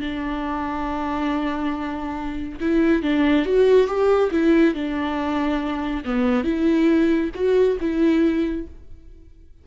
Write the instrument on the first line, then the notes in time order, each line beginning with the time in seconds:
viola
0.00 D4
2.60 E4
3.02 D4
3.46 F#4
3.87 G4
4.31 E4
4.74 D4
6.05 B3
6.44 E4
7.34 F#4
7.80 E4